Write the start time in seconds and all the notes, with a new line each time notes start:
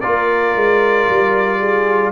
0.00 A#3 F4 A#4 D5
0.55 G#3
1.09 G3
1.59 G#4